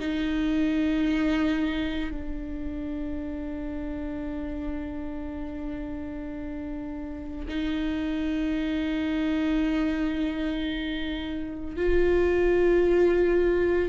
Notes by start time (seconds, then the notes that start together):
0.00 D#4
2.11 D4
7.49 D#4
11.77 F4